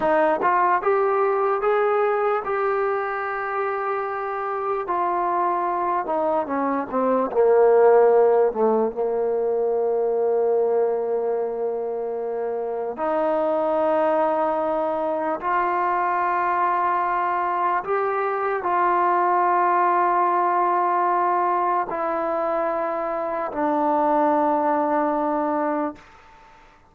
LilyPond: \new Staff \with { instrumentName = "trombone" } { \time 4/4 \tempo 4 = 74 dis'8 f'8 g'4 gis'4 g'4~ | g'2 f'4. dis'8 | cis'8 c'8 ais4. a8 ais4~ | ais1 |
dis'2. f'4~ | f'2 g'4 f'4~ | f'2. e'4~ | e'4 d'2. | }